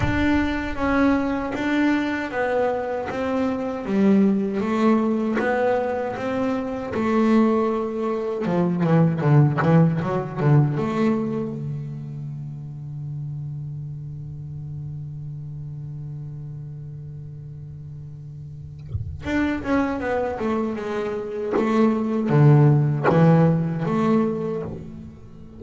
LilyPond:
\new Staff \with { instrumentName = "double bass" } { \time 4/4 \tempo 4 = 78 d'4 cis'4 d'4 b4 | c'4 g4 a4 b4 | c'4 a2 f8 e8 | d8 e8 fis8 d8 a4 d4~ |
d1~ | d1~ | d4 d'8 cis'8 b8 a8 gis4 | a4 d4 e4 a4 | }